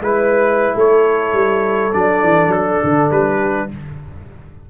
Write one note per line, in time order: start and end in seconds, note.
0.00 0.74 G#3
0.00 1.92 E4
0.00 0.75 B4
0.00 0.77 B4
0.75 1.33 A3
0.75 3.39 A4
0.75 1.93 C#5
1.33 1.92 G3
1.92 2.23 F#3
1.92 3.69 D4
1.92 2.52 D5
2.23 2.48 E3
2.48 2.77 F#3
2.48 3.11 A4
2.83 3.11 D3
3.11 3.69 G3
3.11 3.70 B4
3.39 3.68 G4